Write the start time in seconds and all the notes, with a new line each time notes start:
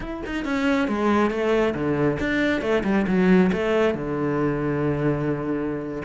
0.00 E4
0.26 D#4
0.44 C#4
0.88 G#3
1.30 A3
1.74 D3
2.19 D4
2.61 A3
2.84 G3
3.07 F#3
3.52 A3
3.94 D3